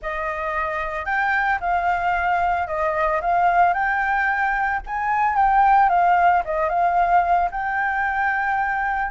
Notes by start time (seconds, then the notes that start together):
0.02 D#5
1.05 G5
1.60 F5
2.67 D#5
3.21 F5
3.73 G5
4.86 G#5
5.36 G5
5.89 F5
6.44 D#5
6.69 F5
7.51 G5